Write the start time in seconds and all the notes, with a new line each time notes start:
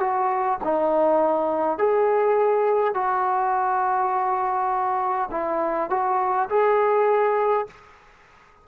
0.00 F#4
0.64 D#4
1.79 G#4
2.94 F#4
5.31 E4
5.90 F#4
6.50 G#4